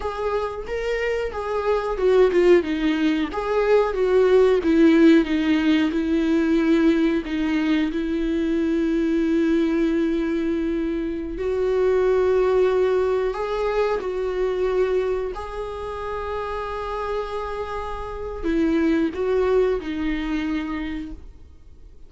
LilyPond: \new Staff \with { instrumentName = "viola" } { \time 4/4 \tempo 4 = 91 gis'4 ais'4 gis'4 fis'8 f'8 | dis'4 gis'4 fis'4 e'4 | dis'4 e'2 dis'4 | e'1~ |
e'4~ e'16 fis'2~ fis'8.~ | fis'16 gis'4 fis'2 gis'8.~ | gis'1 | e'4 fis'4 dis'2 | }